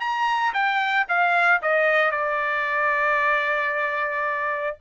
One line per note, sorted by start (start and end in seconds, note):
0.00 0.53 A#5
0.53 1.06 G5
1.08 1.61 F5
1.62 2.11 D#5
2.11 4.77 D5